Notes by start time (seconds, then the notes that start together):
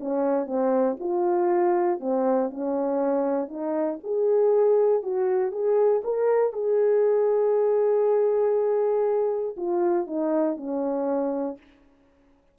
0.00 C#4
0.47 C4
1.00 F4
2.00 C4
2.51 C#4
3.49 D#4
4.04 G#4
5.03 F#4
5.52 G#4
6.04 A#4
6.53 G#4
9.57 F4
10.07 D#4
10.57 C#4